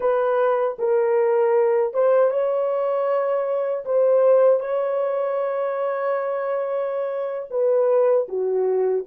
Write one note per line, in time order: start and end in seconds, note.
0.00 0.77 B4
0.79 1.93 A#4
1.93 2.30 C5
2.30 3.84 C#5
3.85 4.60 C5
4.60 7.48 C#5
7.50 8.27 B4
8.28 9.05 F#4